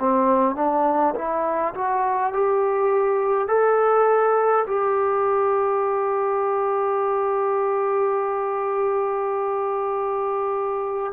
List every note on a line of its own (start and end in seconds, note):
0.00 0.56 C4
0.56 1.15 D4
1.16 1.74 E4
1.74 2.33 F#4
2.33 3.48 G4
3.48 4.66 A4
4.67 11.13 G4